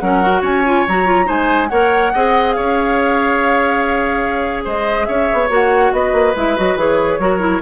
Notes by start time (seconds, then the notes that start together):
0.00 F#3 C#4 A#4 F#5
0.22 F#4
0.42 C#4 C#5 G#5
0.66 F4
0.88 F#3 F#4 A#5
1.06 F4
1.25 G#3 D#4 C5 G#5
1.69 A#3 A#4 C#5 F#5
2.14 C4 G#4 D#5
2.52 C#4 C#5 F5
4.65 G#3 C5 D#5
5.06 C#4 C#5 E5
5.33 B3
5.50 A#3 F#4 F#5
5.93 B3 B4 D#5
6.12 A#3
6.36 G#3 E4 E5
6.57 F#3 F#4 D#5
6.76 E3 G#4 C#5
7.19 F#3 F#4 A#4
7.40 E4